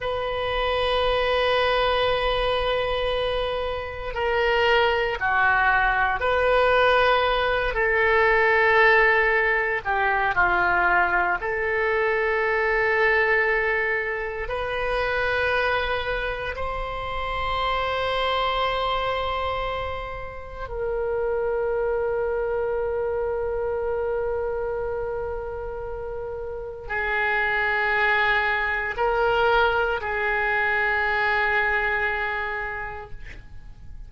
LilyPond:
\new Staff \with { instrumentName = "oboe" } { \time 4/4 \tempo 4 = 58 b'1 | ais'4 fis'4 b'4. a'8~ | a'4. g'8 f'4 a'4~ | a'2 b'2 |
c''1 | ais'1~ | ais'2 gis'2 | ais'4 gis'2. | }